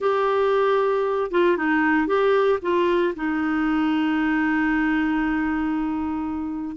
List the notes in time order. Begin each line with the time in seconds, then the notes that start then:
0.00 G4
1.31 F4
1.57 D#4
2.07 G4
2.62 F4
3.15 D#4